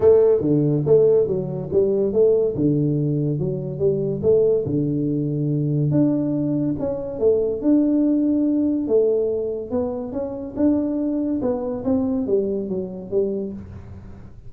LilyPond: \new Staff \with { instrumentName = "tuba" } { \time 4/4 \tempo 4 = 142 a4 d4 a4 fis4 | g4 a4 d2 | fis4 g4 a4 d4~ | d2 d'2 |
cis'4 a4 d'2~ | d'4 a2 b4 | cis'4 d'2 b4 | c'4 g4 fis4 g4 | }